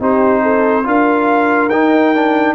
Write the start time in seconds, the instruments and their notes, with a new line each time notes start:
0.00 tuba C4, trombone D#4, horn G4, trumpet C5
0.42 horn A4
0.84 tuba D4, trombone F4, horn A#4, trumpet F5
1.70 tuba D#4, trombone D#4, trumpet G5
2.15 trombone D4